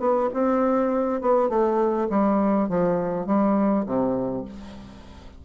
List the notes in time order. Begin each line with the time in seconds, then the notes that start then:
0.00 B3
0.34 C4
1.21 B3
1.49 A3
2.10 G3
2.69 F3
3.27 G3
3.86 C3